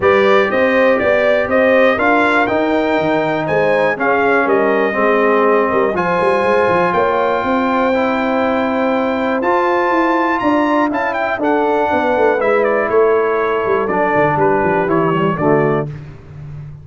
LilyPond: <<
  \new Staff \with { instrumentName = "trumpet" } { \time 4/4 \tempo 4 = 121 d''4 dis''4 d''4 dis''4 | f''4 g''2 gis''4 | f''4 dis''2. | gis''2 g''2~ |
g''2. a''4~ | a''4 ais''4 a''8 g''8 fis''4~ | fis''4 e''8 d''8 cis''2 | d''4 b'4 cis''4 d''4 | }
  \new Staff \with { instrumentName = "horn" } { \time 4/4 b'4 c''4 d''4 c''4 | ais'2. c''4 | gis'4 ais'4 gis'4. ais'8 | c''2 cis''4 c''4~ |
c''1~ | c''4 d''4 f''8 e''8 a'4 | b'2 a'2~ | a'4 g'2 fis'4 | }
  \new Staff \with { instrumentName = "trombone" } { \time 4/4 g'1 | f'4 dis'2. | cis'2 c'2 | f'1 |
e'2. f'4~ | f'2 e'4 d'4~ | d'4 e'2. | d'2 e'8 g8 a4 | }
  \new Staff \with { instrumentName = "tuba" } { \time 4/4 g4 c'4 b4 c'4 | d'4 dis'4 dis4 gis4 | cis'4 g4 gis4. g8 | f8 g8 gis8 f8 ais4 c'4~ |
c'2. f'4 | e'4 d'4 cis'4 d'4 | b8 a8 gis4 a4. g8 | fis8 d8 g8 f8 e4 d4 | }
>>